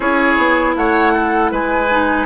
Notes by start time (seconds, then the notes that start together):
0.00 C#4 E4 G#4 C#5
0.37 B3
0.76 A3 C#5 F#5
1.13 A4
1.51 G#3 B4 G#5
1.89 D#4